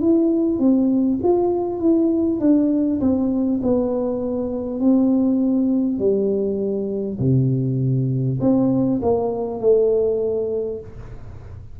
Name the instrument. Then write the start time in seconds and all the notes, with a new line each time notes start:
tuba
0.00 E4
0.58 C4
1.23 F4
1.79 E4
2.40 D4
3.00 C4
3.63 B3
4.79 C4
5.98 G3
7.19 C3
8.40 C4
9.02 A#3
9.60 A3